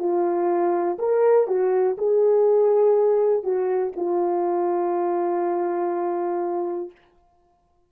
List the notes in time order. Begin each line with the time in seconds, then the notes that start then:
0.00 F4
0.99 A#4
1.48 F#4
1.98 G#4
3.44 F#4
3.97 F4